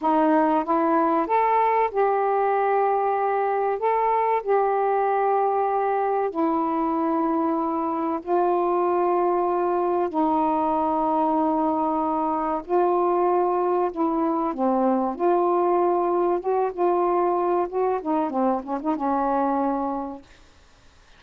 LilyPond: \new Staff \with { instrumentName = "saxophone" } { \time 4/4 \tempo 4 = 95 dis'4 e'4 a'4 g'4~ | g'2 a'4 g'4~ | g'2 e'2~ | e'4 f'2. |
dis'1 | f'2 e'4 c'4 | f'2 fis'8 f'4. | fis'8 dis'8 c'8 cis'16 dis'16 cis'2 | }